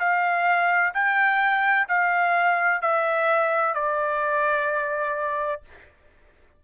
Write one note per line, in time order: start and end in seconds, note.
0.00 0.94 F5
0.95 1.88 G5
1.89 2.82 F5
2.82 3.75 E5
3.75 5.62 D5